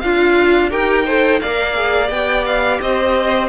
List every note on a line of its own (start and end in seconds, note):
0.00 0.71 D4
0.00 0.70 F4
0.00 0.70 F5
0.70 1.41 D#4
0.70 1.05 G4
0.70 1.05 A#4
0.70 1.40 G5
1.05 1.42 A4
1.05 1.40 C5
1.40 2.09 A#3
1.40 1.74 A#4
1.40 2.80 D5
1.40 2.10 F5
1.74 2.09 G#4
2.09 2.79 B3
2.09 3.48 G4
2.09 2.45 G5
2.45 2.80 F5
2.81 3.48 C4
2.81 3.48 C5
2.81 3.48 D#5